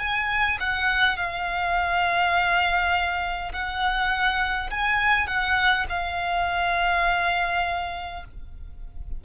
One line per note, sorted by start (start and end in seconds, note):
0.00 0.59 G#5
0.60 1.17 F#5
1.17 3.52 F5
3.53 4.71 F#5
4.71 5.27 G#5
5.27 5.86 F#5
5.90 8.25 F5